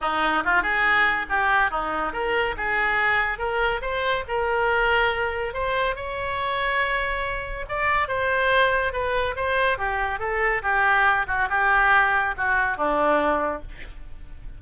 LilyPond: \new Staff \with { instrumentName = "oboe" } { \time 4/4 \tempo 4 = 141 dis'4 f'8 gis'4. g'4 | dis'4 ais'4 gis'2 | ais'4 c''4 ais'2~ | ais'4 c''4 cis''2~ |
cis''2 d''4 c''4~ | c''4 b'4 c''4 g'4 | a'4 g'4. fis'8 g'4~ | g'4 fis'4 d'2 | }